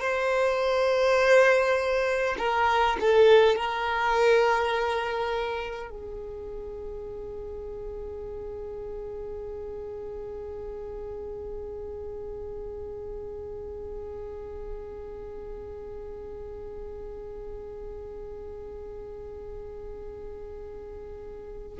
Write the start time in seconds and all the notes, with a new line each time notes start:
0.00 C5
2.38 A#4
2.99 A4
3.55 A#4
5.90 G#4